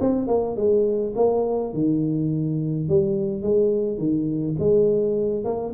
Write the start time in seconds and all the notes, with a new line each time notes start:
0.00 C4
0.27 A#3
0.56 G#3
1.15 A#3
1.73 D#3
2.88 G3
3.42 G#3
3.98 D#3
4.59 G#3
5.44 A#3